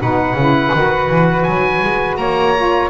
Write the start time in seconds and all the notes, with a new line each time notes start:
0.00 B2 D#4 B4 F#5
0.34 C#3 E4
0.73 D#3 F#4
1.09 E3
1.43 F#3 G#5
1.82 G#3
2.17 A#3 C#5 A#5
2.56 F4